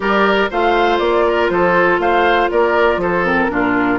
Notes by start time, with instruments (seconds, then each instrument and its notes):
0.00 bassoon G3, clarinet G4, oboe A#4, flute D5
0.50 bassoon A3, clarinet F4, oboe C5, flute F5
0.98 bassoon A#3, flute D5
1.26 oboe A#4
1.49 bassoon F3, oboe A4, flute C5
1.98 bassoon A3, oboe C5, flute F5
2.50 bassoon A#3, oboe A#4, flute D5
2.96 bassoon F3, oboe A4, flute C5
3.24 clarinet C4, flute A#4
3.49 bassoon A#2, clarinet D4, oboe F4